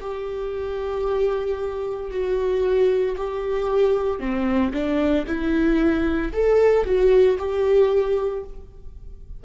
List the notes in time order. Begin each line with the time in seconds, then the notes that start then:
0.00 G4
2.11 F#4
3.17 G4
4.19 C4
4.73 D4
5.27 E4
6.33 A4
6.85 F#4
7.38 G4